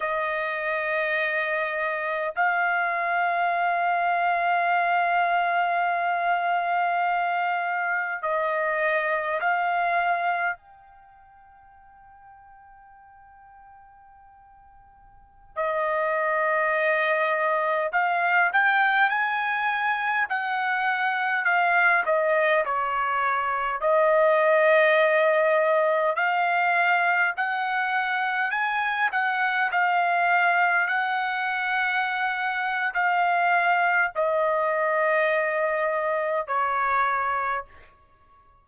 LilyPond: \new Staff \with { instrumentName = "trumpet" } { \time 4/4 \tempo 4 = 51 dis''2 f''2~ | f''2. dis''4 | f''4 g''2.~ | g''4~ g''16 dis''2 f''8 g''16~ |
g''16 gis''4 fis''4 f''8 dis''8 cis''8.~ | cis''16 dis''2 f''4 fis''8.~ | fis''16 gis''8 fis''8 f''4 fis''4.~ fis''16 | f''4 dis''2 cis''4 | }